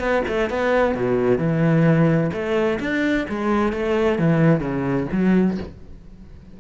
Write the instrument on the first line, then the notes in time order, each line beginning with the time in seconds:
cello
0.00 B3
0.28 A3
0.50 B3
0.95 B2
1.38 E3
2.33 A3
2.80 D4
3.29 G#3
3.73 A3
4.19 E3
4.61 C#3
5.12 F#3